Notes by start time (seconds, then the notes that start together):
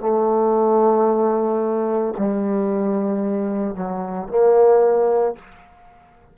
0.00 A3
2.18 G3
3.75 F#3
4.29 A#3